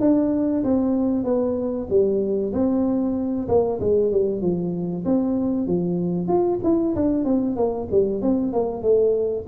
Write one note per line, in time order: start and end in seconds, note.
0.00 0.63 D4
0.64 1.24 C4
1.24 1.87 B3
1.89 2.52 G3
2.53 3.48 C4
3.48 3.80 A#3
3.80 4.11 G#3
4.11 4.41 G3
4.41 5.04 F3
5.04 5.67 C4
5.67 6.27 F3
6.27 6.59 F4
6.63 6.94 E4
6.95 7.24 D4
7.24 7.56 C4
7.56 7.87 A#3
7.90 8.21 G3
8.21 8.52 C4
8.52 8.82 A#3
8.82 9.45 A3